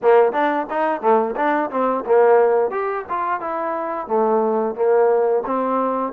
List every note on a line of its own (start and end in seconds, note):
0.02 0.32 A#3
0.32 0.66 D4
0.69 1.01 D#4
1.01 1.35 A3
1.35 1.70 D4
1.70 2.04 C4
2.05 2.71 A#3
2.71 3.05 G4
3.09 3.40 F4
3.40 4.07 E4
4.07 4.75 A3
4.75 5.43 A#3
5.45 6.12 C4